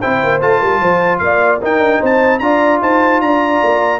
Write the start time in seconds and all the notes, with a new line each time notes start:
0.00 C4 E4 C5 G5
0.23 A#3
0.41 A3 F4 A5
0.59 G3 A#4
0.80 F3 C5
1.18 A#3 D5 F5
1.61 D#4 A#4 G5
1.78 D4
2.00 C4 C5 A5
2.39 D4 F4 D5 A#5
2.81 D#4 C5 A5
3.21 D4 D5 A#5
3.63 A#3